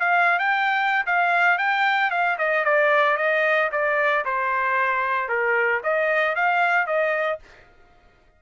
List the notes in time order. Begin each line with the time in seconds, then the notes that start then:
0.00 F5
0.39 G5
1.06 F5
1.59 G5
2.11 F5
2.38 D#5
2.65 D5
3.17 D#5
3.72 D5
4.25 C5
5.29 A#4
5.84 D#5
6.36 F5
6.87 D#5